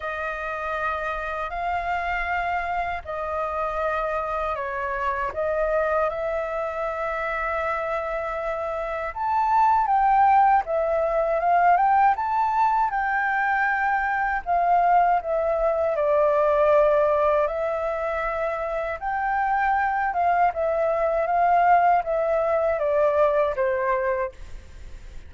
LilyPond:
\new Staff \with { instrumentName = "flute" } { \time 4/4 \tempo 4 = 79 dis''2 f''2 | dis''2 cis''4 dis''4 | e''1 | a''4 g''4 e''4 f''8 g''8 |
a''4 g''2 f''4 | e''4 d''2 e''4~ | e''4 g''4. f''8 e''4 | f''4 e''4 d''4 c''4 | }